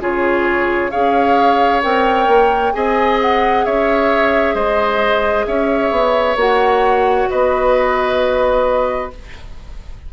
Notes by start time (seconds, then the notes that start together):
0.00 C#3 F4 G#4 C#5
0.90 C#4 G#4 C#5 F5
1.82 C4 A#4 G5
2.27 A#3
2.72 C4 G#4 D#5 G#5
3.21 F#5
3.65 C#4 C#5 E5
4.54 G#3 C5 D#5
5.46 C#4 C#5 E5
5.91 B3
6.36 A#3 F#4 F#5
7.30 B3 B4 D#5